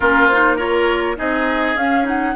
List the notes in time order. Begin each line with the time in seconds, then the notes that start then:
0.00 A#3 C#4 F4 A#4
0.27 D#4 C5
0.56 F4 A#4 C#5
1.16 C4 D#4 G#4 D#5
1.75 C#4 F5
2.04 D#4 F#5